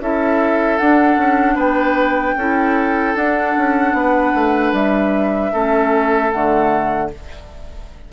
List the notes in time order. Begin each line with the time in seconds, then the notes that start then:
0.00 C#4 E4 A4 E5
0.78 D4 F#5
1.17 C#4
1.55 B3 B4 G5
2.36 C#4 E4 A4
3.15 D4 F#5
3.57 C#4
3.93 B3 B4
4.34 A3
4.72 G3 E5
5.52 A3 C#4 A4
6.31 D3 A3 F#5